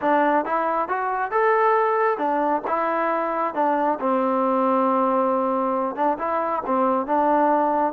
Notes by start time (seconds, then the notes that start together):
0.01 D4
0.45 E4
0.88 F#4
1.31 A4
2.18 D4
2.67 E4
3.54 D4
3.99 C4
5.95 D4
6.18 E4
6.65 C4
7.06 D4